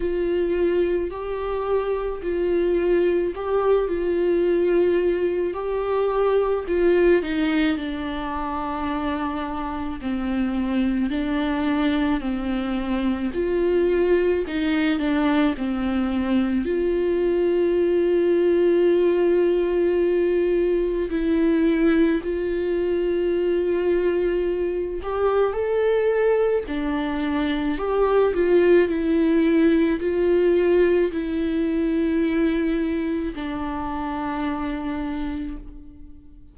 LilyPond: \new Staff \with { instrumentName = "viola" } { \time 4/4 \tempo 4 = 54 f'4 g'4 f'4 g'8 f'8~ | f'4 g'4 f'8 dis'8 d'4~ | d'4 c'4 d'4 c'4 | f'4 dis'8 d'8 c'4 f'4~ |
f'2. e'4 | f'2~ f'8 g'8 a'4 | d'4 g'8 f'8 e'4 f'4 | e'2 d'2 | }